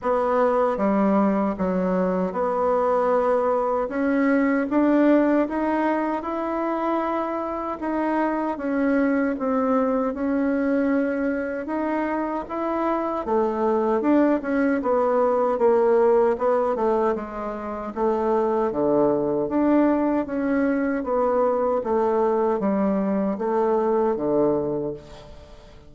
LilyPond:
\new Staff \with { instrumentName = "bassoon" } { \time 4/4 \tempo 4 = 77 b4 g4 fis4 b4~ | b4 cis'4 d'4 dis'4 | e'2 dis'4 cis'4 | c'4 cis'2 dis'4 |
e'4 a4 d'8 cis'8 b4 | ais4 b8 a8 gis4 a4 | d4 d'4 cis'4 b4 | a4 g4 a4 d4 | }